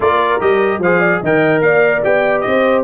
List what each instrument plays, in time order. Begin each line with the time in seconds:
0.00 tuba A#3, trombone F4, horn A#4, trumpet D5
0.40 tuba G3, trombone G4, trumpet D#5
0.78 tuba F3, trombone G#4, horn C5, trumpet F5
0.99 horn D5
1.21 tuba D#3, trombone A#4, horn D#5, trumpet G5
1.61 tuba A#3, horn D5, trumpet F5
2.03 tuba B3, trombone G4, trumpet G5
2.40 tuba C4, trumpet D#5
2.49 horn C5